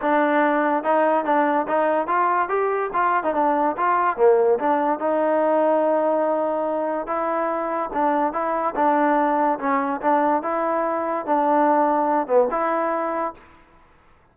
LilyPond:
\new Staff \with { instrumentName = "trombone" } { \time 4/4 \tempo 4 = 144 d'2 dis'4 d'4 | dis'4 f'4 g'4 f'8. dis'16 | d'4 f'4 ais4 d'4 | dis'1~ |
dis'4 e'2 d'4 | e'4 d'2 cis'4 | d'4 e'2 d'4~ | d'4. b8 e'2 | }